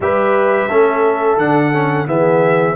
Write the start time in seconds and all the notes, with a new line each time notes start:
0.00 G3 G4 B4 E5
0.69 A3 C#4 A4
1.37 D3 D4 F#5
1.73 C#4
2.05 E3 B3 G#4 E5